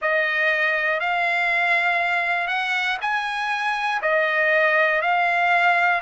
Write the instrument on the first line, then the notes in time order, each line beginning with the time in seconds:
trumpet
0.01 D#5
1.00 F5
2.47 F#5
3.01 G#5
4.01 D#5
5.01 F5